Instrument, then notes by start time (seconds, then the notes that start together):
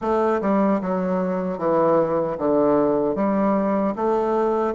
bassoon
0.01 A3
0.41 G3
0.81 F#3
1.58 E3
2.38 D3
3.15 G3
3.95 A3